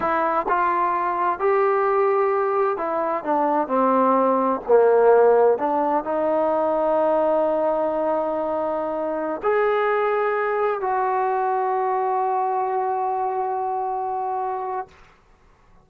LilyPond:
\new Staff \with { instrumentName = "trombone" } { \time 4/4 \tempo 4 = 129 e'4 f'2 g'4~ | g'2 e'4 d'4 | c'2 ais2 | d'4 dis'2.~ |
dis'1~ | dis'16 gis'2. fis'8.~ | fis'1~ | fis'1 | }